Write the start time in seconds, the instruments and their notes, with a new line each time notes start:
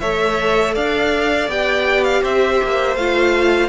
0.00 cello A3, viola A4, violin C#5 E5
0.75 cello D4, violin D5 F5
1.48 cello B3, viola G4, violin G5
2.04 violin F5
2.22 cello C4, violin C5 E5
2.64 cello A#3
2.96 cello A3, viola F4, violin F5